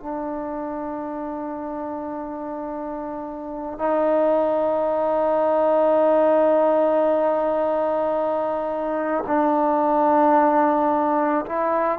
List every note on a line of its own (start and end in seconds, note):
0.00 3.79 D4
3.79 9.24 D#4
9.27 11.45 D4
11.46 11.99 E4